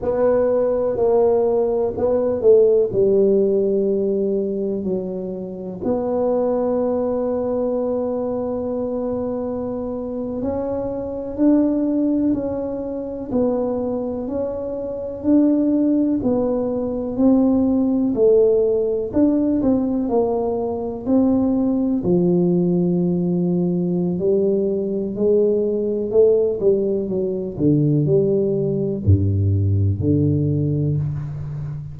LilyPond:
\new Staff \with { instrumentName = "tuba" } { \time 4/4 \tempo 4 = 62 b4 ais4 b8 a8 g4~ | g4 fis4 b2~ | b2~ b8. cis'4 d'16~ | d'8. cis'4 b4 cis'4 d'16~ |
d'8. b4 c'4 a4 d'16~ | d'16 c'8 ais4 c'4 f4~ f16~ | f4 g4 gis4 a8 g8 | fis8 d8 g4 g,4 d4 | }